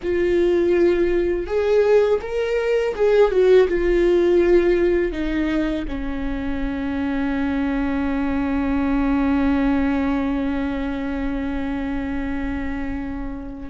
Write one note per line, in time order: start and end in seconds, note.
0.02 1.46 F4
1.46 2.20 G#4
2.21 2.94 A#4
2.95 3.31 G#4
3.31 3.68 F#4
3.68 5.12 F4
5.12 5.85 D#4
5.87 13.70 C#4